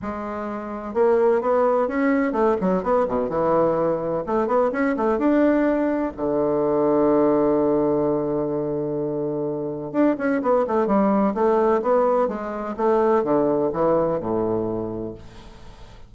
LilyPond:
\new Staff \with { instrumentName = "bassoon" } { \time 4/4 \tempo 4 = 127 gis2 ais4 b4 | cis'4 a8 fis8 b8 b,8 e4~ | e4 a8 b8 cis'8 a8 d'4~ | d'4 d2.~ |
d1~ | d4 d'8 cis'8 b8 a8 g4 | a4 b4 gis4 a4 | d4 e4 a,2 | }